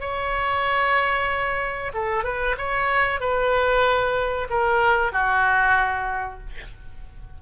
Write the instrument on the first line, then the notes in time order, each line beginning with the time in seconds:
oboe
0.00 C#5
1.94 A4
2.24 B4
2.58 C#5
3.20 B4
4.50 A#4
5.12 F#4